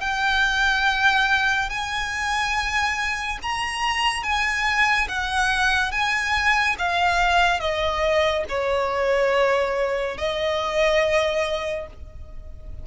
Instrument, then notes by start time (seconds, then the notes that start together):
violin
0.00 G5
1.69 G#5
3.42 A#5
4.23 G#5
5.08 F#5
5.91 G#5
6.78 F5
7.59 D#5
8.49 C#5
10.18 D#5